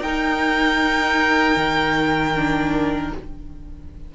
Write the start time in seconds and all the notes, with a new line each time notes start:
0.00 D#4 A#4 G5
1.56 D#3
2.35 D4